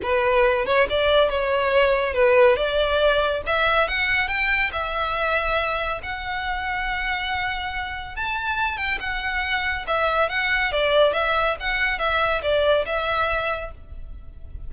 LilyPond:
\new Staff \with { instrumentName = "violin" } { \time 4/4 \tempo 4 = 140 b'4. cis''8 d''4 cis''4~ | cis''4 b'4 d''2 | e''4 fis''4 g''4 e''4~ | e''2 fis''2~ |
fis''2. a''4~ | a''8 g''8 fis''2 e''4 | fis''4 d''4 e''4 fis''4 | e''4 d''4 e''2 | }